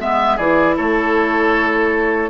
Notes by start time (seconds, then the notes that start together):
0.00 G#3 B3 E5
0.37 E3 E4 G#4 D5
0.77 A3 A4 C#5